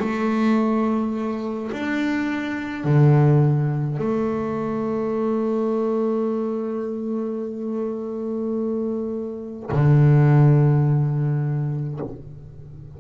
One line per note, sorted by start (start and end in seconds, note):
0.00 1.71 A3
1.72 2.84 D4
2.84 3.98 D3
3.98 9.70 A3
9.71 12.00 D3